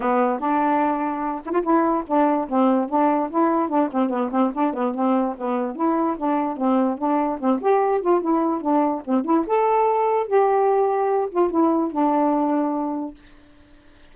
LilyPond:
\new Staff \with { instrumentName = "saxophone" } { \time 4/4 \tempo 4 = 146 b4 d'2~ d'8 e'16 f'16 | e'4 d'4 c'4 d'4 | e'4 d'8 c'8 b8 c'8 d'8 b8 | c'4 b4 e'4 d'4 |
c'4 d'4 c'8 g'4 f'8 | e'4 d'4 c'8 e'8 a'4~ | a'4 g'2~ g'8 f'8 | e'4 d'2. | }